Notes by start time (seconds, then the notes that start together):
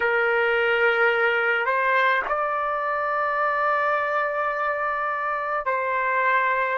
0.00 A#4
1.65 C5
2.28 D5
5.65 C5